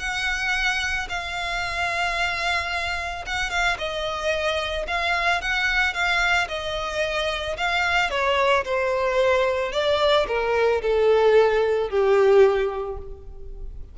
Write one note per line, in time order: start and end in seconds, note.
0.00 1.08 F#5
1.09 3.26 F5
3.27 3.50 F#5
3.50 3.77 F5
3.79 4.87 D#5
4.88 5.42 F5
5.42 5.94 F#5
5.94 6.48 F5
6.49 7.57 D#5
7.57 8.11 F5
8.11 8.65 C#5
8.65 9.73 C5
9.73 10.27 D5
10.28 10.82 A#4
10.82 11.90 A4
11.90 12.98 G4